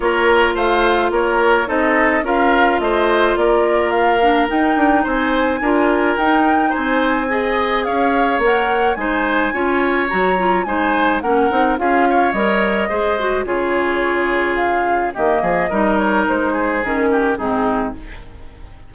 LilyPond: <<
  \new Staff \with { instrumentName = "flute" } { \time 4/4 \tempo 4 = 107 cis''4 f''4 cis''4 dis''4 | f''4 dis''4 d''4 f''4 | g''4 gis''2 g''4 | gis''2 f''4 fis''4 |
gis''2 ais''4 gis''4 | fis''4 f''4 dis''2 | cis''2 f''4 dis''4~ | dis''8 cis''8 c''4 ais'4 gis'4 | }
  \new Staff \with { instrumentName = "oboe" } { \time 4/4 ais'4 c''4 ais'4 a'4 | ais'4 c''4 ais'2~ | ais'4 c''4 ais'2 | c''4 dis''4 cis''2 |
c''4 cis''2 c''4 | ais'4 gis'8 cis''4. c''4 | gis'2. g'8 gis'8 | ais'4. gis'4 g'8 dis'4 | }
  \new Staff \with { instrumentName = "clarinet" } { \time 4/4 f'2. dis'4 | f'2.~ f'8 d'8 | dis'2 f'4 dis'4~ | dis'4 gis'2 ais'4 |
dis'4 f'4 fis'8 f'8 dis'4 | cis'8 dis'8 f'4 ais'4 gis'8 fis'8 | f'2. ais4 | dis'2 cis'4 c'4 | }
  \new Staff \with { instrumentName = "bassoon" } { \time 4/4 ais4 a4 ais4 c'4 | cis'4 a4 ais2 | dis'8 d'8 c'4 d'4 dis'4 | c'2 cis'4 ais4 |
gis4 cis'4 fis4 gis4 | ais8 c'8 cis'4 g4 gis4 | cis2. dis8 f8 | g4 gis4 dis4 gis,4 | }
>>